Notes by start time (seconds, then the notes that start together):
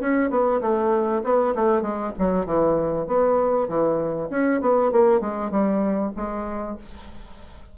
0.00 C#4
0.30 B3
0.60 A3
1.23 B3
1.55 A3
1.81 G#3
2.18 F#3
2.45 E3
3.07 B3
3.68 E3
4.30 C#4
4.61 B3
4.91 A#3
5.20 G#3
5.51 G3
6.16 G#3